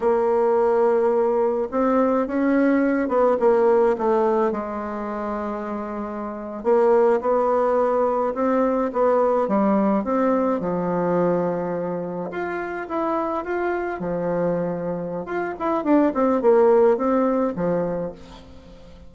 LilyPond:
\new Staff \with { instrumentName = "bassoon" } { \time 4/4 \tempo 4 = 106 ais2. c'4 | cis'4. b8 ais4 a4 | gis2.~ gis8. ais16~ | ais8. b2 c'4 b16~ |
b8. g4 c'4 f4~ f16~ | f4.~ f16 f'4 e'4 f'16~ | f'8. f2~ f16 f'8 e'8 | d'8 c'8 ais4 c'4 f4 | }